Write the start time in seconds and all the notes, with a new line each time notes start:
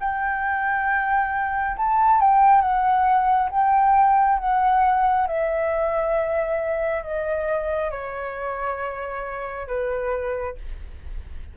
0.00 G5
1.77 A5
2.21 G5
2.61 F#5
3.51 G5
4.39 F#5
5.27 E5
7.03 D#5
7.91 C#5
9.67 B4